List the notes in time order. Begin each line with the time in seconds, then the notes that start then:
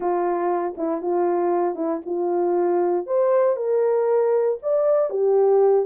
0.00 F4
0.77 E4
1.01 F4
1.75 E4
2.05 F4
3.06 C5
3.56 A#4
4.62 D5
5.10 G4